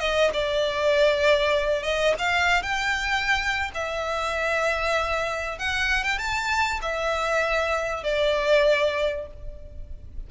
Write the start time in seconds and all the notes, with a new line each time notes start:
0.00 D#5
0.34 D5
1.84 D#5
2.19 F5
2.63 G5
3.75 E5
5.59 F#5
6.04 G5
6.19 A5
6.82 E5
8.04 D5